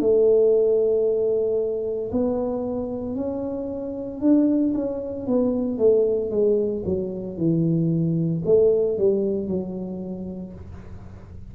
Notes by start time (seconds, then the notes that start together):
0.00 A3
2.11 B3
3.15 C#4
4.21 D4
4.74 C#4
5.27 B3
5.78 A3
6.30 G#3
6.85 F#3
7.37 E3
8.45 A3
8.98 G3
9.47 F#3